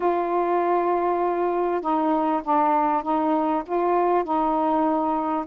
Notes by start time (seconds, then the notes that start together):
0.00 F4
1.81 D#4
2.43 D4
3.02 D#4
3.66 F4
4.24 D#4